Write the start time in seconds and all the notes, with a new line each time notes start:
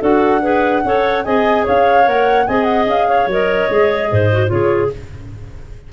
0.00 D4 F#4 A4 F#5
0.42 G#4 B4
0.84 C#4 A4 C#5
1.24 C4 G#4 D#5 G#5
1.64 C#4 C#5 F5
2.04 A#3 A#4 F#5
2.47 C4 G#4 D#5 G#5
2.64 F#5
2.86 C#4 F5
3.08 C#5
3.27 F#3 A#4 D#5
3.69 G#3 G#4
4.11 G#2 C5
4.32 F#4
4.47 C#3 F4 G#4 C#5